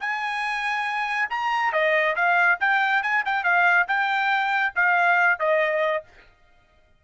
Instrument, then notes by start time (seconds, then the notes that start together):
trumpet
0.00 G#5
1.30 A#5
1.73 D#5
2.16 F5
2.60 G5
3.03 G#5
3.25 G5
3.43 F5
3.88 G5
4.75 F5
5.39 D#5